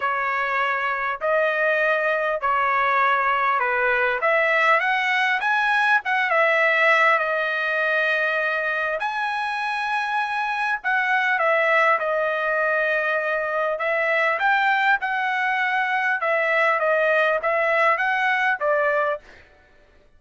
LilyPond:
\new Staff \with { instrumentName = "trumpet" } { \time 4/4 \tempo 4 = 100 cis''2 dis''2 | cis''2 b'4 e''4 | fis''4 gis''4 fis''8 e''4. | dis''2. gis''4~ |
gis''2 fis''4 e''4 | dis''2. e''4 | g''4 fis''2 e''4 | dis''4 e''4 fis''4 d''4 | }